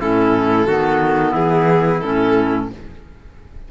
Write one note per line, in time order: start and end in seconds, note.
0.00 0.68 A2
0.00 0.67 C#4
0.00 0.67 E4
0.00 1.34 A4
0.67 1.34 D#3
0.67 2.03 B3
0.67 1.32 F#4
1.32 2.02 E3
1.32 2.67 E4
1.32 2.02 G#4
2.02 2.71 A2
2.02 2.70 C#4
2.02 2.69 A4